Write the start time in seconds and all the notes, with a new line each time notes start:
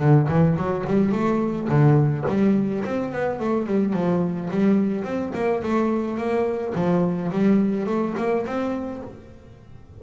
0.00 D3
0.29 E3
0.57 F#3
0.87 G3
1.13 A3
1.69 D3
2.29 G3
2.85 C4
3.13 B3
3.40 A3
3.67 G3
3.94 F3
4.51 G3
5.04 C4
5.35 A#3
5.63 A3
6.18 A#3
6.75 F3
7.32 G3
7.87 A3
8.18 A#3
8.47 C4